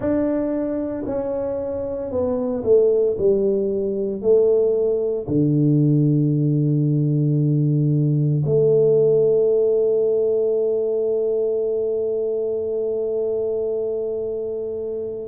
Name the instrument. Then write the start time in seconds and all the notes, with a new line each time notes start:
tuba
0.00 D4
1.05 C#4
2.11 B3
2.63 A3
3.18 G3
4.21 A3
5.27 D3
8.45 A3